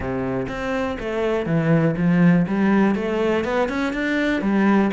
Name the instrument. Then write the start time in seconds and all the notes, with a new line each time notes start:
cello
0.00 C3
0.48 C4
0.99 A3
1.46 E3
1.96 F3
2.47 G3
2.95 A3
3.44 B3
3.68 C#4
3.93 D4
4.41 G3